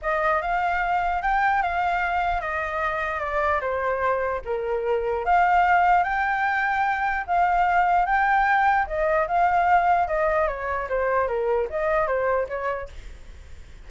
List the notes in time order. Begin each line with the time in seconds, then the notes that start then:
0.02 D#5
0.41 F5
1.22 G5
1.62 F5
2.41 D#5
3.20 D5
3.60 C5
4.44 A#4
5.25 F5
6.03 G5
7.26 F5
8.05 G5
8.86 D#5
9.27 F5
10.07 D#5
10.47 C#5
10.89 C5
11.27 A#4
11.70 D#5
12.07 C5
12.48 C#5